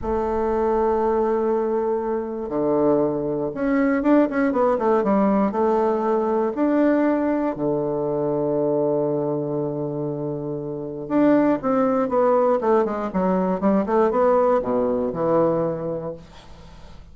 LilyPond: \new Staff \with { instrumentName = "bassoon" } { \time 4/4 \tempo 4 = 119 a1~ | a4 d2 cis'4 | d'8 cis'8 b8 a8 g4 a4~ | a4 d'2 d4~ |
d1~ | d2 d'4 c'4 | b4 a8 gis8 fis4 g8 a8 | b4 b,4 e2 | }